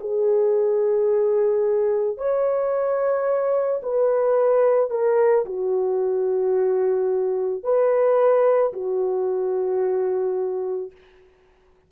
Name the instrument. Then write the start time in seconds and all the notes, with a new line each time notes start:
horn
0.00 G#4
2.17 C#5
3.82 B4
4.90 A#4
5.45 F#4
7.63 B4
8.73 F#4